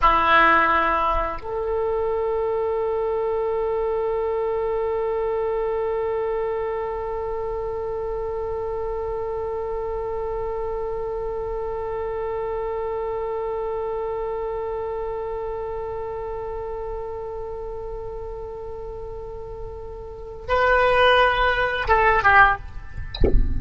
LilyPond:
\new Staff \with { instrumentName = "oboe" } { \time 4/4 \tempo 4 = 85 e'2 a'2~ | a'1~ | a'1~ | a'1~ |
a'1~ | a'1~ | a'1~ | a'4 b'2 a'8 g'8 | }